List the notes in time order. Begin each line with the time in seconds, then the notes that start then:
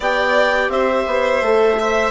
0.00 B3 G4 D5 G5
0.68 C4 C5 E5
1.07 B3
1.41 A3 A4
1.78 C5 E5